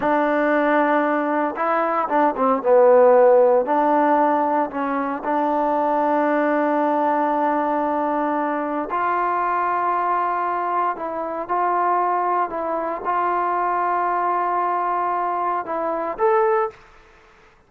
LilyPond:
\new Staff \with { instrumentName = "trombone" } { \time 4/4 \tempo 4 = 115 d'2. e'4 | d'8 c'8 b2 d'4~ | d'4 cis'4 d'2~ | d'1~ |
d'4 f'2.~ | f'4 e'4 f'2 | e'4 f'2.~ | f'2 e'4 a'4 | }